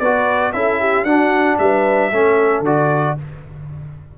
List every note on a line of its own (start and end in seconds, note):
0.00 0.53 B3
0.00 0.54 F#4
0.00 0.54 B4
0.00 0.53 D5
0.53 1.04 C#4
0.53 1.07 E4
0.53 0.80 A4
0.53 1.05 E5
0.80 1.06 G4
1.04 1.57 D4
1.04 2.12 D4
1.04 1.59 F#4
1.04 1.58 F#5
1.59 2.12 G3
1.59 2.12 B4
1.59 2.64 E5
2.12 2.61 A3
2.12 2.66 C#4
2.12 3.17 A4
2.61 3.13 D3
2.61 3.18 F#4
2.61 3.18 D5